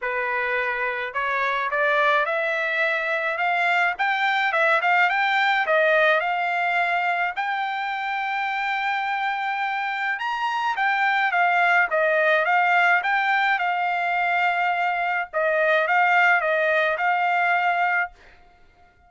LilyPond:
\new Staff \with { instrumentName = "trumpet" } { \time 4/4 \tempo 4 = 106 b'2 cis''4 d''4 | e''2 f''4 g''4 | e''8 f''8 g''4 dis''4 f''4~ | f''4 g''2.~ |
g''2 ais''4 g''4 | f''4 dis''4 f''4 g''4 | f''2. dis''4 | f''4 dis''4 f''2 | }